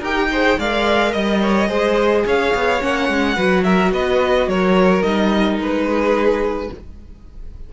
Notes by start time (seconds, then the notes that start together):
0.00 D#4 G4 A#4 G5
0.32 G#4 C5
0.59 G#3 A#4 D5 F5
1.12 G3 D#5
1.42 C#5
1.69 G#3 G#4 C5
2.26 C#4 C#5 F5
2.55 B3
2.80 A#3 C#4 F#5
3.09 G#3
3.36 F#3 F#4 B4
3.64 A#4 E5
3.92 B3 B4 D#5
4.48 F#3 A#4 C#5
5.03 G3 D#4 D#5
5.58 G#3 B4
5.87 G#4